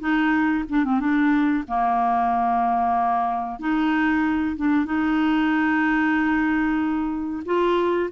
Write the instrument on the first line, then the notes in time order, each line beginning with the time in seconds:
clarinet
0.00 D#4
0.69 D4
0.85 C4
1.00 D4
1.68 A#3
3.60 D#4
4.57 D4
4.86 D#4
7.46 F4